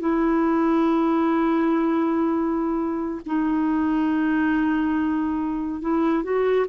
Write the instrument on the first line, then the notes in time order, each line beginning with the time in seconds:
clarinet
0.00 E4
3.26 D#4
5.81 E4
6.24 F#4